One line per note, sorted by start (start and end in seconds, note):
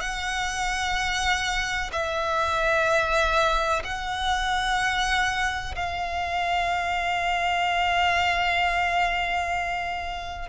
0.00 1.90 F#5
1.92 3.83 E5
3.84 5.74 F#5
5.75 10.49 F5